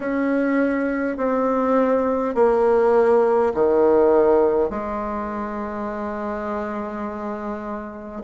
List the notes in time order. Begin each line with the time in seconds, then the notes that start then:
0.00 C#4
1.17 C4
2.35 A#3
3.54 D#3
4.70 G#3